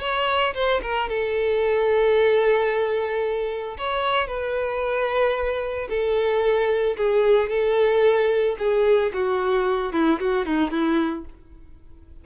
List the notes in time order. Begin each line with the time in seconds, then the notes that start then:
0.00 C#5
0.54 C5
0.82 A#4
1.09 A4
3.78 C#5
4.27 B4
5.89 A4
6.97 G#4
7.49 A4
8.58 G#4
9.13 F#4
9.93 E4
10.20 F#4
10.46 D#4
10.71 E4